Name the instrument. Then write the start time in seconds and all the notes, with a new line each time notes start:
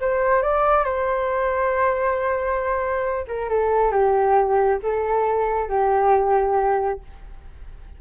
flute
0.00 C5
0.42 D5
0.84 C5
3.27 A#4
3.49 A4
3.91 G4
4.82 A4
5.68 G4